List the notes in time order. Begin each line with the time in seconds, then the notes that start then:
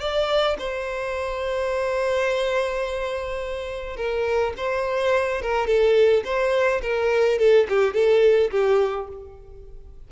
0.00 D5
0.58 C5
3.96 A#4
4.57 C5
5.42 A#4
5.67 A4
6.24 C5
6.82 A#4
7.39 A4
7.69 G4
7.94 A4
8.51 G4